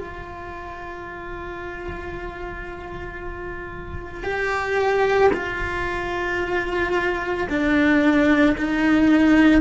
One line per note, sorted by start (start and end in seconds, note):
0.00 4.24 F4
4.24 5.31 G4
5.34 7.48 F4
7.50 8.57 D4
8.58 9.61 D#4